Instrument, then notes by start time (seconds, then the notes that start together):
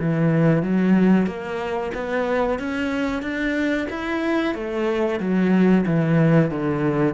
cello
0.00 E3
0.63 F#3
1.27 A#3
1.94 B3
2.59 C#4
3.23 D4
3.90 E4
4.55 A3
5.20 F#3
5.86 E3
6.50 D3